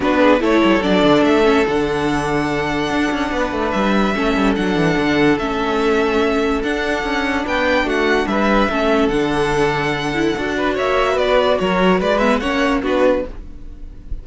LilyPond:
<<
  \new Staff \with { instrumentName = "violin" } { \time 4/4 \tempo 4 = 145 b'4 cis''4 d''4 e''4 | fis''1~ | fis''4 e''2 fis''4~ | fis''4 e''2. |
fis''2 g''4 fis''4 | e''2 fis''2~ | fis''2 e''4 d''4 | cis''4 d''8 e''8 fis''4 b'4 | }
  \new Staff \with { instrumentName = "violin" } { \time 4/4 fis'8 gis'8 a'2.~ | a'1 | b'2 a'2~ | a'1~ |
a'2 b'4 fis'4 | b'4 a'2.~ | a'4. b'8 cis''4 b'4 | ais'4 b'4 cis''4 fis'4 | }
  \new Staff \with { instrumentName = "viola" } { \time 4/4 d'4 e'4 d'4. cis'8 | d'1~ | d'2 cis'4 d'4~ | d'4 cis'2. |
d'1~ | d'4 cis'4 d'2~ | d'8 e'8 fis'2.~ | fis'4. b8 cis'4 d'4 | }
  \new Staff \with { instrumentName = "cello" } { \time 4/4 b4 a8 g8 fis8 d8 a4 | d2. d'8 cis'8 | b8 a8 g4 a8 g8 fis8 e8 | d4 a2. |
d'4 cis'4 b4 a4 | g4 a4 d2~ | d4 d'4 ais4 b4 | fis4 gis4 ais4 b4 | }
>>